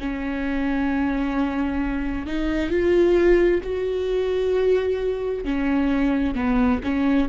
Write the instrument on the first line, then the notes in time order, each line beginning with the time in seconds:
viola
0.00 C#4
2.27 D#4
2.70 F4
3.64 F#4
5.45 C#4
6.35 B3
6.84 C#4